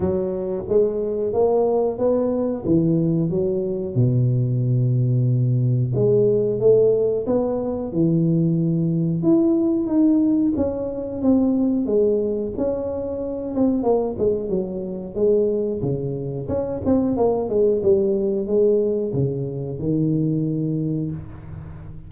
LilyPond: \new Staff \with { instrumentName = "tuba" } { \time 4/4 \tempo 4 = 91 fis4 gis4 ais4 b4 | e4 fis4 b,2~ | b,4 gis4 a4 b4 | e2 e'4 dis'4 |
cis'4 c'4 gis4 cis'4~ | cis'8 c'8 ais8 gis8 fis4 gis4 | cis4 cis'8 c'8 ais8 gis8 g4 | gis4 cis4 dis2 | }